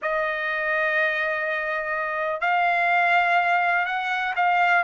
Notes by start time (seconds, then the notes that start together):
0.02 D#5
2.40 F5
3.85 F#5
4.35 F5